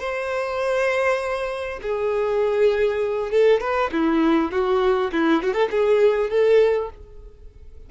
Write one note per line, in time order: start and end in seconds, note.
0.00 1.80 C5
1.82 3.31 G#4
3.31 3.61 A4
3.61 3.91 B4
3.92 4.52 E4
4.52 5.12 F#4
5.13 5.43 E4
5.43 5.54 F#4
5.54 5.69 A4
5.71 6.30 G#4
6.30 6.90 A4